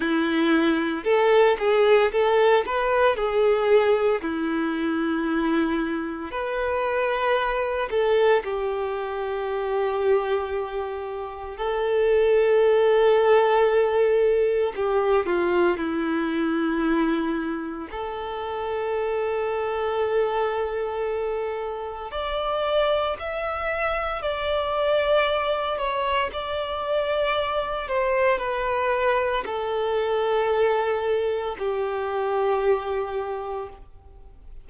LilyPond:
\new Staff \with { instrumentName = "violin" } { \time 4/4 \tempo 4 = 57 e'4 a'8 gis'8 a'8 b'8 gis'4 | e'2 b'4. a'8 | g'2. a'4~ | a'2 g'8 f'8 e'4~ |
e'4 a'2.~ | a'4 d''4 e''4 d''4~ | d''8 cis''8 d''4. c''8 b'4 | a'2 g'2 | }